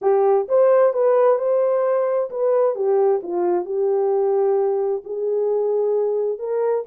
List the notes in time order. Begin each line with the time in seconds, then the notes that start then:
0.01 G4
0.48 C5
0.93 B4
1.38 C5
2.30 B4
2.75 G4
3.22 F4
3.65 G4
5.04 G#4
6.38 A#4